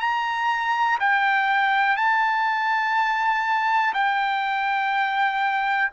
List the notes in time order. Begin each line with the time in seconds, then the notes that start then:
0.00 A#5
1.00 G5
1.96 A5
3.94 G5